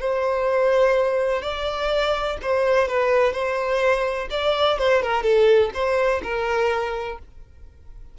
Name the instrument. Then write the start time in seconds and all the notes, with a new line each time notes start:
violin
0.00 C5
1.42 D5
2.42 C5
2.88 B4
3.33 C5
4.31 D5
4.79 C5
5.02 A#4
5.23 A4
5.74 C5
6.23 A#4